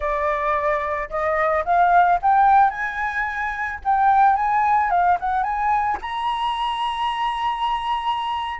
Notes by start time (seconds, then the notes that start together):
0.00 D5
1.09 D#5
1.64 F5
2.22 G5
2.70 G#5
3.84 G5
4.36 G#5
4.90 F5
5.20 F#5
5.43 G#5
6.01 A#5